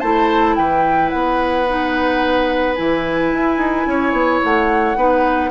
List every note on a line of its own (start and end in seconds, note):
0.00 0.57 A3
0.00 1.68 E4
0.00 0.55 C5
0.00 0.55 A5
0.56 1.12 E3
0.56 3.89 B4
0.56 1.10 G5
1.10 2.78 B3
1.10 2.75 F#5
1.68 2.77 D#4
2.75 3.33 E3
2.75 4.97 E4
2.75 4.40 G#5
3.33 3.57 E4
3.57 3.85 D#4
3.87 4.13 C#4
3.87 4.98 C#5
4.13 4.40 B3
4.44 4.96 A3
4.44 5.51 F#5
4.96 5.51 B3
4.96 5.51 D#4
4.96 5.51 B4